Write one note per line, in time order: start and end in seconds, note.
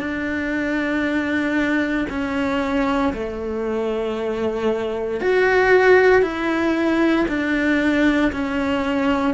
0.00 2.07 D4
2.10 3.14 C#4
3.14 5.21 A3
5.21 6.23 F#4
6.23 7.26 E4
7.29 8.32 D4
8.33 9.34 C#4